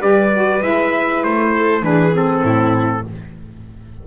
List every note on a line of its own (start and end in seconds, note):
0.00 0.62 G3
0.00 0.31 G4
0.00 1.52 B4
0.00 0.63 D5
0.35 0.61 F#4
0.61 1.24 G#3
0.61 1.82 E4
0.61 1.24 E5
1.24 1.83 A3
1.24 1.84 C5
1.54 1.84 A4
1.82 2.43 E3
1.82 2.12 D4
1.82 2.45 G#4
1.82 2.15 B4
2.13 3.04 C4
2.13 3.08 A4
2.43 3.04 A2
2.43 3.05 E4